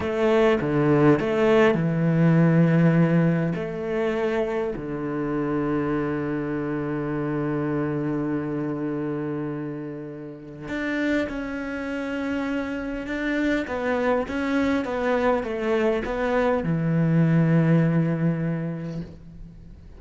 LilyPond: \new Staff \with { instrumentName = "cello" } { \time 4/4 \tempo 4 = 101 a4 d4 a4 e4~ | e2 a2 | d1~ | d1~ |
d2 d'4 cis'4~ | cis'2 d'4 b4 | cis'4 b4 a4 b4 | e1 | }